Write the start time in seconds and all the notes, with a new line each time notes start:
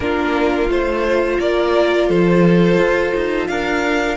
0.00 A#3 D4 F4 A#4
0.68 A3 F4 C5
1.39 A#3 A#4 D5
2.08 F3 A4 C5
2.78 F4
3.14 D#4
3.47 D4 A#4 F5